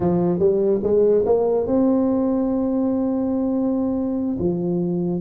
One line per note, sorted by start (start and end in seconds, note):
0.00 0.39 F3
0.39 0.80 G3
0.83 1.24 G#3
1.25 1.66 A#3
1.66 4.37 C4
4.39 5.20 F3